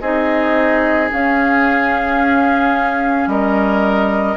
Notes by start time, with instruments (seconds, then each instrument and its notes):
0.00 bassoon C4, clarinet D#4, oboe G#4, flute D#5
1.10 clarinet C#4, bassoon C#4, flute F5
3.27 bassoon G3, oboe A#4, flute D#5